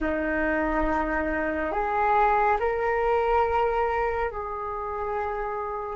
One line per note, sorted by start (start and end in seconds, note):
0.00 1.71 D#4
1.71 2.57 G#4
2.59 4.30 A#4
4.30 5.96 G#4